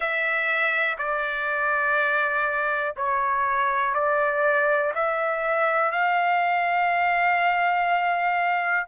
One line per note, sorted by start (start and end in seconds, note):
0.00 0.97 E5
0.97 2.94 D5
2.96 3.94 C#5
3.94 4.92 D5
4.94 5.91 E5
5.91 8.86 F5